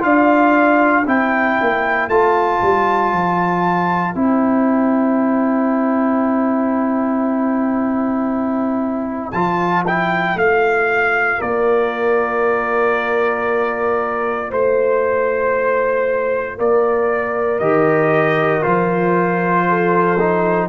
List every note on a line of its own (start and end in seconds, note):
0.00 1.06 D4
0.00 1.03 F4
0.00 1.07 D5
0.00 1.06 F5
1.06 1.58 C4
1.06 2.10 E4
1.06 11.38 C5
1.06 2.09 G5
1.61 2.08 A#3
2.08 2.60 A3
2.08 4.15 F4
2.08 4.16 A5
2.62 3.12 G3
3.12 4.15 F3
4.15 9.32 C4
4.15 9.33 E4
4.15 9.31 G5
9.31 10.35 F3
9.31 9.86 F4
9.31 9.83 A5
9.87 10.38 E4
9.87 10.38 G5
10.35 11.38 A3
10.35 17.61 F4
10.35 11.41 F5
11.38 14.52 A#3
11.38 14.48 A#4
11.38 14.52 D5
14.50 16.59 A3
14.50 16.57 C5
14.50 16.59 C5
16.58 17.60 A#3
16.58 19.68 A#4
16.58 17.59 D5
17.59 18.63 D#3
17.59 18.62 G4
17.59 18.63 D#5
18.62 20.69 F3
18.62 20.18 F4
18.62 20.69 C5
19.69 20.69 A4
20.20 20.69 D#4